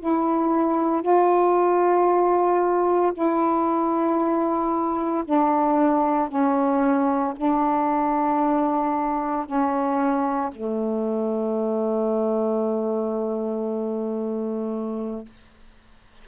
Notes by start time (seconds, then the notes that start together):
0.00 E4
1.02 F4
3.14 E4
5.25 D4
6.29 C#4
7.37 D4
9.46 C#4
10.52 A3